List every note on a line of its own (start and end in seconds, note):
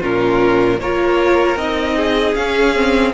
0.00 0.80 A#2
0.00 0.79 C#4
0.00 0.78 F4
0.00 0.80 A#4
0.80 1.56 A#3
0.80 1.58 F4
0.80 1.96 A#4
0.80 1.58 C#5
1.56 2.34 C4
1.56 2.36 D#4
1.56 2.35 D#5
1.96 3.13 G#4
2.35 3.13 C#4
2.35 2.76 C#4
2.35 3.13 F5
2.76 3.14 C4